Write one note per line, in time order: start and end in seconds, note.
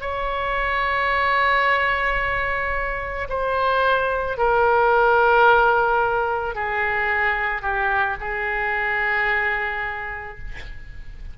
0.00 3.27 C#5
3.29 4.37 C5
4.37 6.55 A#4
6.55 7.61 G#4
7.61 8.16 G4
8.20 10.38 G#4